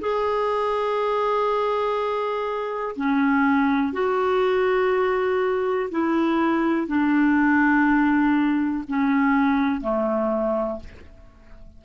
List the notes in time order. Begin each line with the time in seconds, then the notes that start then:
0.00 G#4
2.96 C#4
3.93 F#4
5.91 E4
6.87 D4
8.87 C#4
9.80 A3